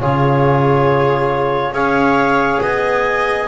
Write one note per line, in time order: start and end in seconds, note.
0.00 1.72 C#3
0.00 1.74 F4
0.00 1.74 G#4
0.00 1.74 C#5
1.72 2.59 C#4
1.72 3.48 G#4
1.72 2.61 C#5
1.72 2.61 F5
2.62 3.48 B3
2.62 3.48 D#5
2.62 3.48 G#5